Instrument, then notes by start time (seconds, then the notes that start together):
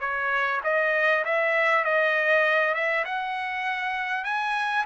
trumpet
0.00 C#5
0.63 D#5
1.25 E5
1.84 D#5
2.74 E5
3.04 F#5
4.24 G#5